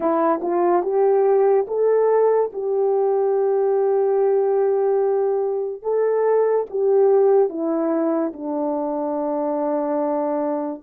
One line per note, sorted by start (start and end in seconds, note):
0.00 0.40 E4
0.42 0.83 F4
0.83 1.66 G4
1.67 2.51 A4
2.52 5.82 G4
5.82 6.66 A4
6.70 7.48 G4
7.48 8.32 E4
8.33 10.83 D4